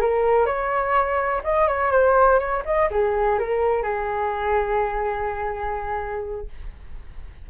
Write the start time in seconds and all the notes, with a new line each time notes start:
0.00 A#4
0.46 C#5
1.44 D#5
1.67 C#5
1.91 C5
2.39 C#5
2.65 D#5
2.91 G#4
3.39 A#4
3.83 G#4